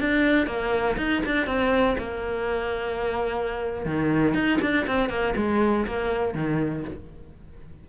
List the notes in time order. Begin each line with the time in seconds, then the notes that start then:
0.00 D4
0.47 A#3
0.97 D#4
1.26 D4
1.47 C4
1.98 A#3
3.85 D#3
4.34 D#4
4.61 D4
4.87 C4
5.09 A#3
5.36 G#3
5.87 A#3
6.34 D#3